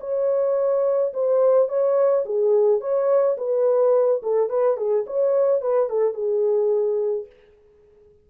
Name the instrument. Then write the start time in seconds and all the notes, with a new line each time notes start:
horn
0.00 C#5
1.13 C5
1.68 C#5
2.25 G#4
2.80 C#5
3.37 B4
4.22 A4
4.49 B4
4.77 G#4
5.06 C#5
5.61 B4
5.89 A4
6.14 G#4